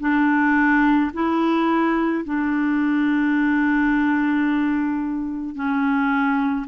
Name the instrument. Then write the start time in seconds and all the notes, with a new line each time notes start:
clarinet
0.00 D4
1.13 E4
2.25 D4
5.55 C#4